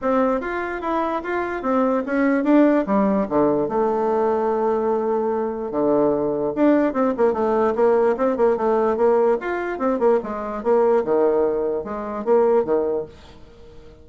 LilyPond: \new Staff \with { instrumentName = "bassoon" } { \time 4/4 \tempo 4 = 147 c'4 f'4 e'4 f'4 | c'4 cis'4 d'4 g4 | d4 a2.~ | a2 d2 |
d'4 c'8 ais8 a4 ais4 | c'8 ais8 a4 ais4 f'4 | c'8 ais8 gis4 ais4 dis4~ | dis4 gis4 ais4 dis4 | }